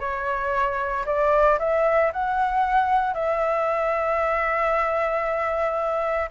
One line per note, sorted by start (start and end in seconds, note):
0.00 1.05 C#5
1.06 1.59 D5
1.59 2.12 E5
2.13 3.14 F#5
3.14 6.30 E5